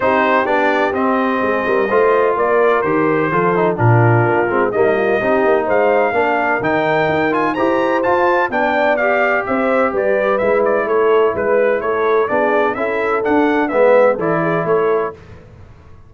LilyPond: <<
  \new Staff \with { instrumentName = "trumpet" } { \time 4/4 \tempo 4 = 127 c''4 d''4 dis''2~ | dis''4 d''4 c''2 | ais'2 dis''2 | f''2 g''4. gis''8 |
ais''4 a''4 g''4 f''4 | e''4 d''4 e''8 d''8 cis''4 | b'4 cis''4 d''4 e''4 | fis''4 e''4 d''4 cis''4 | }
  \new Staff \with { instrumentName = "horn" } { \time 4/4 g'2. gis'8 ais'8 | c''4 ais'2 a'4 | f'2 dis'8 f'8 g'4 | c''4 ais'2. |
c''2 d''2 | c''4 b'2 a'4 | b'4 a'4 gis'4 a'4~ | a'4 b'4 a'8 gis'8 a'4 | }
  \new Staff \with { instrumentName = "trombone" } { \time 4/4 dis'4 d'4 c'2 | f'2 g'4 f'8 dis'8 | d'4. c'8 ais4 dis'4~ | dis'4 d'4 dis'4. f'8 |
g'4 f'4 d'4 g'4~ | g'2 e'2~ | e'2 d'4 e'4 | d'4 b4 e'2 | }
  \new Staff \with { instrumentName = "tuba" } { \time 4/4 c'4 b4 c'4 gis8 g8 | a4 ais4 dis4 f4 | ais,4 ais8 gis8 g4 c'8 ais8 | gis4 ais4 dis4 dis'4 |
e'4 f'4 b2 | c'4 g4 gis4 a4 | gis4 a4 b4 cis'4 | d'4 gis4 e4 a4 | }
>>